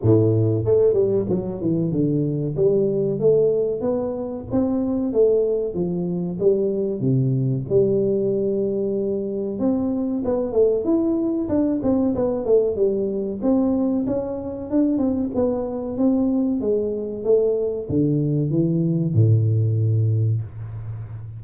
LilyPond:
\new Staff \with { instrumentName = "tuba" } { \time 4/4 \tempo 4 = 94 a,4 a8 g8 fis8 e8 d4 | g4 a4 b4 c'4 | a4 f4 g4 c4 | g2. c'4 |
b8 a8 e'4 d'8 c'8 b8 a8 | g4 c'4 cis'4 d'8 c'8 | b4 c'4 gis4 a4 | d4 e4 a,2 | }